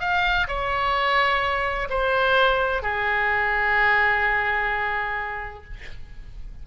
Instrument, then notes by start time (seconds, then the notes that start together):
oboe
0.00 F5
0.48 C#5
1.90 C5
2.83 G#4